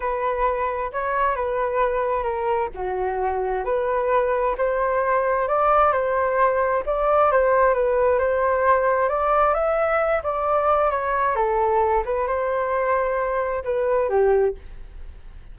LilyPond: \new Staff \with { instrumentName = "flute" } { \time 4/4 \tempo 4 = 132 b'2 cis''4 b'4~ | b'4 ais'4 fis'2 | b'2 c''2 | d''4 c''2 d''4 |
c''4 b'4 c''2 | d''4 e''4. d''4. | cis''4 a'4. b'8 c''4~ | c''2 b'4 g'4 | }